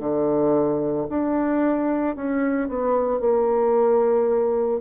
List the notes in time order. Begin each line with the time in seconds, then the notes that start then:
0.00 D3
1.10 D4
2.16 C#4
2.69 B3
3.20 A#3